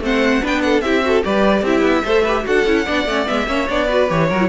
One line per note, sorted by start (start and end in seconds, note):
0.00 0.41 A3
0.00 0.42 C4
0.00 0.43 C5
0.00 0.46 F#5
0.42 0.82 B3
0.42 0.83 D4
0.42 0.64 B4
0.42 0.62 G5
0.62 0.84 A4
0.62 0.81 F#5
0.81 1.23 C4
0.81 1.02 E4
0.81 1.05 G4
0.81 1.22 E5
1.02 1.23 F#4
1.02 1.26 A4
1.24 1.62 G3
1.24 1.65 G4
1.24 1.63 B4
1.24 1.66 D5
1.62 1.82 C4
1.62 2.05 E4
1.62 2.04 G4
1.62 2.47 E5
1.82 2.02 B3
2.05 2.46 A3
2.05 2.25 A4
2.05 2.23 C5
2.23 2.44 G4
2.23 2.44 B4
2.44 2.66 D4
2.44 2.65 F#4
2.44 2.86 A4
2.44 3.28 F#5
2.66 2.87 C#4
2.66 2.87 E4
2.86 3.06 B3
2.86 3.07 D4
2.86 3.47 D5
3.06 3.26 A3
3.06 3.27 C#4
3.27 3.48 G#3
3.27 3.47 B3
3.27 3.69 E5
3.47 3.68 A#3
3.47 3.67 C#4
3.47 3.87 C#5
3.69 4.11 B3
3.69 3.89 D4
3.69 4.10 D5
3.87 4.09 F#4
3.87 4.28 B4
4.09 4.30 E3
4.09 4.29 G4
4.09 4.49 C#5
4.30 4.49 F#3
4.30 4.40 F#4
4.30 4.49 A#4
4.40 4.49 E4